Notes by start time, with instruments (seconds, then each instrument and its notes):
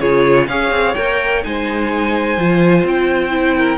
0.00 cello C#3, viola F4, violin G#4 C#5
0.48 cello C#4, viola G#4, violin C#5 F5
0.71 cello C4
0.95 cello A#3, viola A#4, violin G5
1.43 cello G#3, viola D#4, violin C5 G#5
2.37 cello F3, viola F4
2.84 cello C4, violin G5
3.30 viola E4
3.58 violin A#4